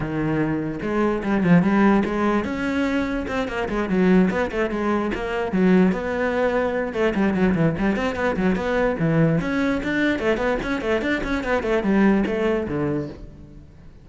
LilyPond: \new Staff \with { instrumentName = "cello" } { \time 4/4 \tempo 4 = 147 dis2 gis4 g8 f8 | g4 gis4 cis'2 | c'8 ais8 gis8 fis4 b8 a8 gis8~ | gis8 ais4 fis4 b4.~ |
b4 a8 g8 fis8 e8 g8 c'8 | b8 fis8 b4 e4 cis'4 | d'4 a8 b8 cis'8 a8 d'8 cis'8 | b8 a8 g4 a4 d4 | }